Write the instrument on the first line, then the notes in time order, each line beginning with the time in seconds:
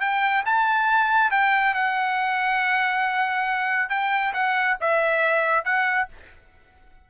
trumpet
0.00 G5
0.45 A5
1.31 G5
1.74 F#5
3.89 G5
4.33 F#5
4.80 E5
5.65 F#5